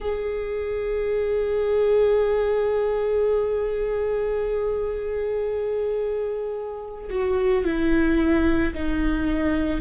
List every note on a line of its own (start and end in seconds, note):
0.00 7.09 G#4
7.09 7.64 F#4
7.64 8.73 E4
8.73 9.80 D#4